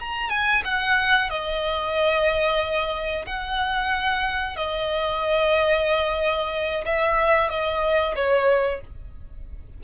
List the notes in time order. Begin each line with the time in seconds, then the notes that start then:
0.00 A#5
0.30 G#5
0.65 F#5
1.30 D#5
3.26 F#5
4.57 D#5
6.86 E5
7.50 D#5
8.16 C#5